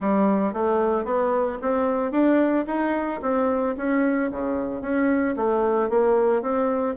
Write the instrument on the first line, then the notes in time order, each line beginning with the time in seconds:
bassoon
0.00 G3
0.53 A3
1.04 B3
1.61 C4
2.11 D4
2.66 D#4
3.21 C4
3.77 C#4
4.31 C#3
4.81 C#4
5.36 A3
5.89 A#3
6.41 C4